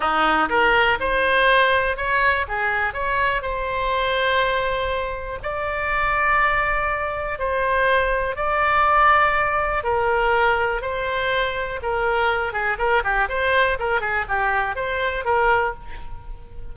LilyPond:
\new Staff \with { instrumentName = "oboe" } { \time 4/4 \tempo 4 = 122 dis'4 ais'4 c''2 | cis''4 gis'4 cis''4 c''4~ | c''2. d''4~ | d''2. c''4~ |
c''4 d''2. | ais'2 c''2 | ais'4. gis'8 ais'8 g'8 c''4 | ais'8 gis'8 g'4 c''4 ais'4 | }